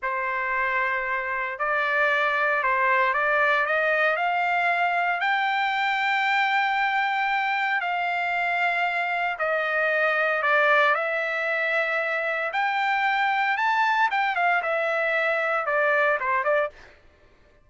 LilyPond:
\new Staff \with { instrumentName = "trumpet" } { \time 4/4 \tempo 4 = 115 c''2. d''4~ | d''4 c''4 d''4 dis''4 | f''2 g''2~ | g''2. f''4~ |
f''2 dis''2 | d''4 e''2. | g''2 a''4 g''8 f''8 | e''2 d''4 c''8 d''8 | }